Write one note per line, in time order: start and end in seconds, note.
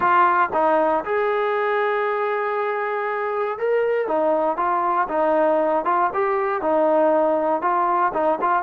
0.00 0.49 F4
0.53 1.04 D#4
1.04 3.58 G#4
3.58 4.07 A#4
4.07 4.56 D#4
4.56 5.07 F4
5.08 5.84 D#4
5.85 6.10 F4
6.13 6.61 G4
6.61 7.61 D#4
7.61 8.12 F4
8.13 8.39 D#4
8.41 8.62 F4